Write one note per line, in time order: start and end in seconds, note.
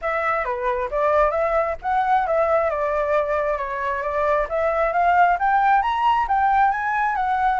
0.01 0.44 E5
0.44 0.89 B4
0.90 1.31 D5
1.31 1.75 E5
1.82 2.27 F#5
2.27 2.70 E5
2.70 3.57 D5
3.57 4.02 C#5
4.02 4.47 D5
4.49 4.93 E5
4.93 5.37 F5
5.39 5.82 G5
5.82 6.26 A#5
6.28 6.71 G5
6.71 7.15 G#5
7.15 7.60 F#5